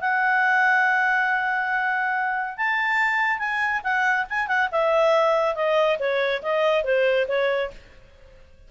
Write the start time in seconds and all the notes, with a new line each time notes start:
0.00 F#5
2.57 A5
3.38 G#5
3.83 F#5
4.29 G#5
4.47 F#5
4.71 E5
5.55 D#5
5.99 C#5
6.42 D#5
6.84 C5
7.28 C#5